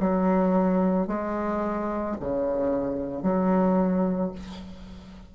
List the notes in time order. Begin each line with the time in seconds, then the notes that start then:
0.00 F#3
1.07 G#3
2.20 C#3
3.22 F#3